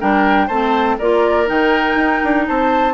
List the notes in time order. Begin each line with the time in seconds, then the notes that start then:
0.00 G3 D4 A#4 G5
0.48 A3 C4 C5 A5
0.98 A#3 F4 A#4 D5
1.47 D#3 D#4 G5
1.96 D#4
2.24 D4
2.48 C4 C5 A5